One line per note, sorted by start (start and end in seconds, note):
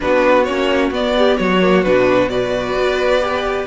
0.00 0.48 B3
0.00 0.44 D4
0.00 1.17 F#4
0.00 0.44 B4
0.44 0.91 A#3
0.44 0.92 C#4
0.44 0.90 C#5
0.91 1.36 B3
0.91 1.61 B3
0.91 1.37 D5
1.17 1.39 G4
1.37 1.85 F#3
1.37 2.30 F#4
1.37 1.83 C#5
1.61 1.83 A#3
1.83 2.74 B2
1.83 2.29 D4
1.83 2.29 B4
2.29 3.20 F#4
2.29 3.67 B4
2.29 3.66 D5
2.74 3.66 B3
3.20 3.66 G4